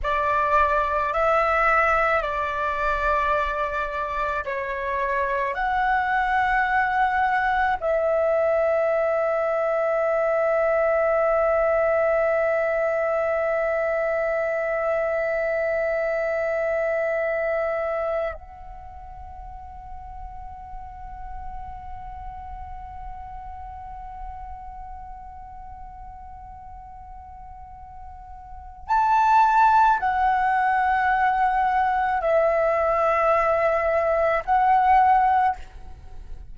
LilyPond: \new Staff \with { instrumentName = "flute" } { \time 4/4 \tempo 4 = 54 d''4 e''4 d''2 | cis''4 fis''2 e''4~ | e''1~ | e''1~ |
e''8 fis''2.~ fis''8~ | fis''1~ | fis''2 a''4 fis''4~ | fis''4 e''2 fis''4 | }